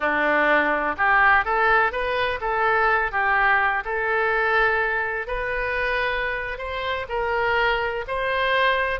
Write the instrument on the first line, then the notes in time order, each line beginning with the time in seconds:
oboe
0.00 D4
0.97 G4
1.44 A4
1.91 B4
2.40 A4
3.11 G4
3.84 A4
5.27 B4
6.57 C5
7.08 A#4
8.07 C5